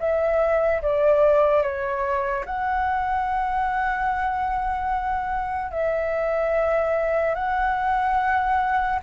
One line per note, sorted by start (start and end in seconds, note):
0.00 0.82 E5
0.82 1.63 D5
1.63 2.45 C#5
2.46 5.72 F#5
5.72 7.36 E5
7.36 9.00 F#5